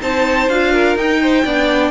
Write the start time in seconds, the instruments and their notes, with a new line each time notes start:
0.00 cello C4, viola D#4, violin C5 A5
0.49 cello D4, viola F4, violin F5
0.72 violin A#4
0.96 cello D#4, viola D#4, violin G5
1.21 violin C5
1.44 cello B3, viola D4, violin D5